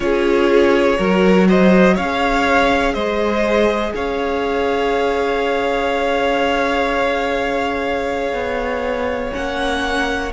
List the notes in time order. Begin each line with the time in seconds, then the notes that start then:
0.00 C#4 F4 G#4 C#5
0.97 F#3 F#4 A#4
1.48 C5 D#5
1.94 C#4 C#5 F5
2.01 G#4
2.93 G#3 C5 D#5
3.94 C#4 C#5 F5
8.33 B3
9.31 A#3 C#4 F#5